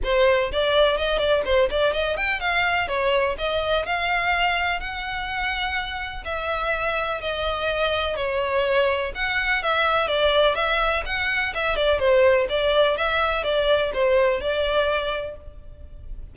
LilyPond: \new Staff \with { instrumentName = "violin" } { \time 4/4 \tempo 4 = 125 c''4 d''4 dis''8 d''8 c''8 d''8 | dis''8 g''8 f''4 cis''4 dis''4 | f''2 fis''2~ | fis''4 e''2 dis''4~ |
dis''4 cis''2 fis''4 | e''4 d''4 e''4 fis''4 | e''8 d''8 c''4 d''4 e''4 | d''4 c''4 d''2 | }